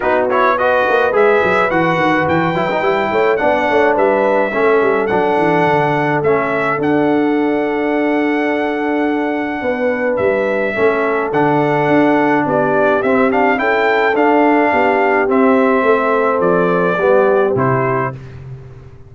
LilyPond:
<<
  \new Staff \with { instrumentName = "trumpet" } { \time 4/4 \tempo 4 = 106 b'8 cis''8 dis''4 e''4 fis''4 | g''2 fis''4 e''4~ | e''4 fis''2 e''4 | fis''1~ |
fis''2 e''2 | fis''2 d''4 e''8 f''8 | g''4 f''2 e''4~ | e''4 d''2 c''4 | }
  \new Staff \with { instrumentName = "horn" } { \time 4/4 fis'4 b'2.~ | b'4. cis''8 d''8 cis''8 b'4 | a'1~ | a'1~ |
a'4 b'2 a'4~ | a'2 g'2 | a'2 g'2 | a'2 g'2 | }
  \new Staff \with { instrumentName = "trombone" } { \time 4/4 dis'8 e'8 fis'4 gis'4 fis'4~ | fis'8 e'16 dis'16 e'4 d'2 | cis'4 d'2 cis'4 | d'1~ |
d'2. cis'4 | d'2. c'8 d'8 | e'4 d'2 c'4~ | c'2 b4 e'4 | }
  \new Staff \with { instrumentName = "tuba" } { \time 4/4 b4. ais8 gis8 fis8 e8 dis8 | e8 fis8 g8 a8 b8 a8 g4 | a8 g8 fis8 e8 d4 a4 | d'1~ |
d'4 b4 g4 a4 | d4 d'4 b4 c'4 | cis'4 d'4 b4 c'4 | a4 f4 g4 c4 | }
>>